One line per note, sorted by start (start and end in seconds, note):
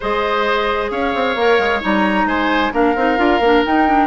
0.00 0.91 G#3
0.00 1.37 G#4
0.00 0.91 C5
0.00 0.91 D#5
0.91 1.13 C#4
0.91 2.27 C#5
0.91 1.81 F5
1.14 1.35 C4
1.35 1.58 A#3
1.35 1.81 A#4
1.59 1.81 G#3
1.81 2.25 G3
1.81 2.71 D#4
1.81 2.27 A#5
2.25 2.70 G#3
2.25 2.72 C5
2.25 2.73 G#5
2.72 2.95 A#3
2.72 2.94 D4
2.72 4.07 A#4
2.72 3.64 F5
2.95 3.18 C4
2.95 3.17 D#4
3.17 3.40 D4
3.17 3.40 F4
3.40 3.62 A#3
3.40 3.65 D4
3.65 3.87 D#4
3.65 4.07 D#4
3.65 4.07 G5
3.87 4.07 D4